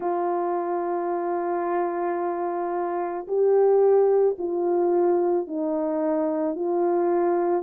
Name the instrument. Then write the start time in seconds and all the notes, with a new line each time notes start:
horn
0.00 F4
3.27 G4
4.38 F4
5.47 D#4
6.55 F4